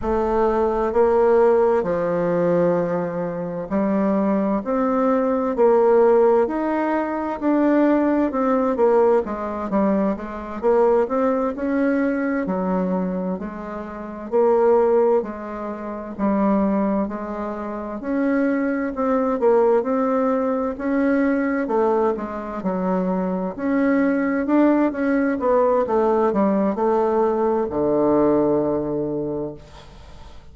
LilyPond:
\new Staff \with { instrumentName = "bassoon" } { \time 4/4 \tempo 4 = 65 a4 ais4 f2 | g4 c'4 ais4 dis'4 | d'4 c'8 ais8 gis8 g8 gis8 ais8 | c'8 cis'4 fis4 gis4 ais8~ |
ais8 gis4 g4 gis4 cis'8~ | cis'8 c'8 ais8 c'4 cis'4 a8 | gis8 fis4 cis'4 d'8 cis'8 b8 | a8 g8 a4 d2 | }